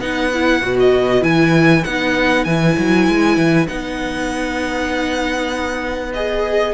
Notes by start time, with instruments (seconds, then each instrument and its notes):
0.00 cello B3, viola D#4, violin B4 F#5
0.34 viola E4
0.62 cello B2, viola F#4
0.80 violin D#5
1.21 cello E3, viola E4, violin G#5
1.84 cello B3, viola D#4, violin F#5
2.45 cello E3, viola E4, violin G#5
2.78 cello F#3
3.09 cello G#3
3.37 cello E3
3.68 cello B3, viola D#4, violin F#5
6.14 viola G#4, violin D#5